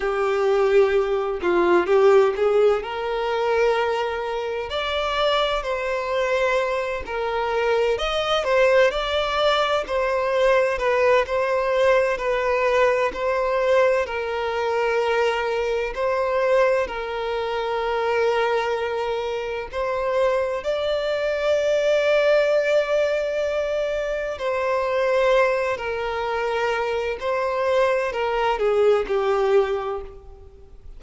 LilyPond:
\new Staff \with { instrumentName = "violin" } { \time 4/4 \tempo 4 = 64 g'4. f'8 g'8 gis'8 ais'4~ | ais'4 d''4 c''4. ais'8~ | ais'8 dis''8 c''8 d''4 c''4 b'8 | c''4 b'4 c''4 ais'4~ |
ais'4 c''4 ais'2~ | ais'4 c''4 d''2~ | d''2 c''4. ais'8~ | ais'4 c''4 ais'8 gis'8 g'4 | }